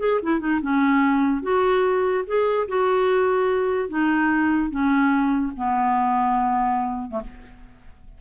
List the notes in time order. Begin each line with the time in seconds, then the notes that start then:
0.00 G#4
0.23 E4
0.40 D#4
0.62 C#4
1.43 F#4
2.27 G#4
2.68 F#4
3.89 D#4
4.71 C#4
5.56 B3
7.11 A3